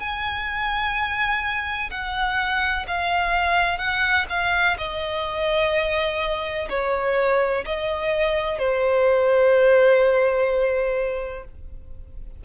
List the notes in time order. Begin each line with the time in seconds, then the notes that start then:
0.00 G#5
1.91 F#5
2.88 F5
3.79 F#5
4.29 F5
4.78 D#5
6.70 C#5
7.65 D#5
8.59 C5